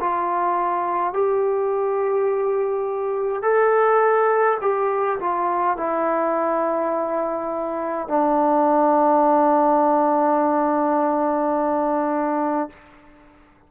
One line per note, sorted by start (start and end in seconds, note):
0.00 1.13 F4
1.13 3.42 G4
3.42 4.58 A4
4.61 5.19 G4
5.19 5.77 F4
5.77 8.08 E4
8.08 12.69 D4